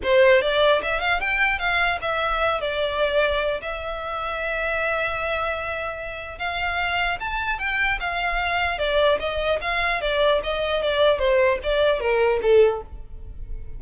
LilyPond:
\new Staff \with { instrumentName = "violin" } { \time 4/4 \tempo 4 = 150 c''4 d''4 e''8 f''8 g''4 | f''4 e''4. d''4.~ | d''4 e''2.~ | e''1 |
f''2 a''4 g''4 | f''2 d''4 dis''4 | f''4 d''4 dis''4 d''4 | c''4 d''4 ais'4 a'4 | }